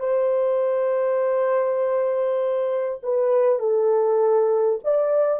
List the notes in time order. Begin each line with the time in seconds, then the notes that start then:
0.00 C5
3.03 B4
3.59 A4
4.84 D5